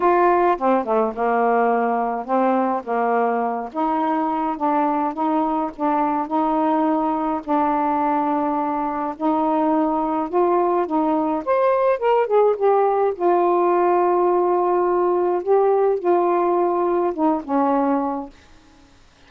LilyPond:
\new Staff \with { instrumentName = "saxophone" } { \time 4/4 \tempo 4 = 105 f'4 c'8 a8 ais2 | c'4 ais4. dis'4. | d'4 dis'4 d'4 dis'4~ | dis'4 d'2. |
dis'2 f'4 dis'4 | c''4 ais'8 gis'8 g'4 f'4~ | f'2. g'4 | f'2 dis'8 cis'4. | }